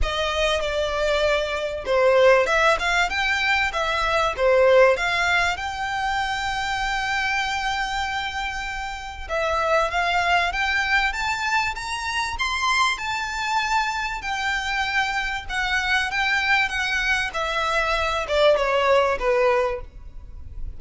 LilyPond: \new Staff \with { instrumentName = "violin" } { \time 4/4 \tempo 4 = 97 dis''4 d''2 c''4 | e''8 f''8 g''4 e''4 c''4 | f''4 g''2.~ | g''2. e''4 |
f''4 g''4 a''4 ais''4 | c'''4 a''2 g''4~ | g''4 fis''4 g''4 fis''4 | e''4. d''8 cis''4 b'4 | }